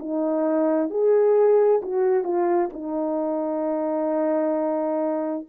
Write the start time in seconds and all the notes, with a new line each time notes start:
0.00 D#4
0.91 G#4
1.83 F#4
2.24 F4
2.74 D#4